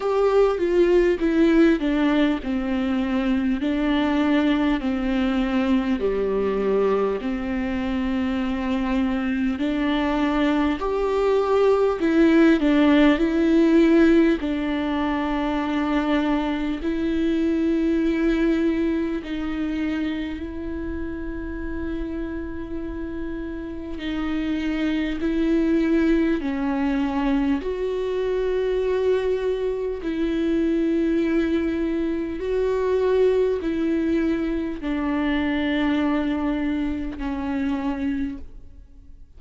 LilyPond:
\new Staff \with { instrumentName = "viola" } { \time 4/4 \tempo 4 = 50 g'8 f'8 e'8 d'8 c'4 d'4 | c'4 g4 c'2 | d'4 g'4 e'8 d'8 e'4 | d'2 e'2 |
dis'4 e'2. | dis'4 e'4 cis'4 fis'4~ | fis'4 e'2 fis'4 | e'4 d'2 cis'4 | }